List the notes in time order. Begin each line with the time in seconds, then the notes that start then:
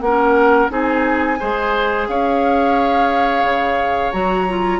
0.00 A#3 C#4 A#4 F#5
0.69 C4 D#4 G#4 G#5
1.39 G#3 G#4 C5
2.08 C#4 C#5 F5
3.43 C#3
4.12 F#3 F#4 A#5
4.48 F4